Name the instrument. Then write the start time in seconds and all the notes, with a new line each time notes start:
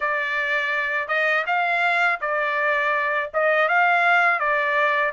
trumpet
0.00 D5
1.08 D#5
1.46 F5
2.21 D5
3.33 D#5
3.68 F5
4.39 D5